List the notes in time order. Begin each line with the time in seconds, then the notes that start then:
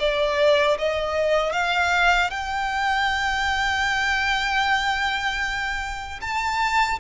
0.00 D5
0.79 D#5
1.53 F5
2.31 G5
6.22 A5